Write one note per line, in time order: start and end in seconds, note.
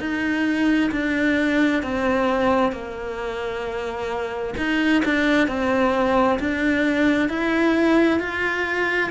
0.00 0.91 D#4
0.92 1.83 D4
1.83 2.73 C4
2.73 4.55 A#3
4.57 5.03 D#4
5.05 5.48 D4
5.48 6.39 C4
6.40 7.29 D4
7.29 8.20 E4
8.20 9.11 F4